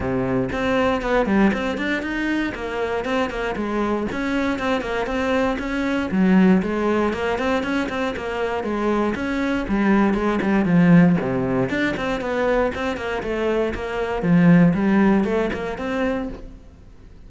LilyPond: \new Staff \with { instrumentName = "cello" } { \time 4/4 \tempo 4 = 118 c4 c'4 b8 g8 c'8 d'8 | dis'4 ais4 c'8 ais8 gis4 | cis'4 c'8 ais8 c'4 cis'4 | fis4 gis4 ais8 c'8 cis'8 c'8 |
ais4 gis4 cis'4 g4 | gis8 g8 f4 c4 d'8 c'8 | b4 c'8 ais8 a4 ais4 | f4 g4 a8 ais8 c'4 | }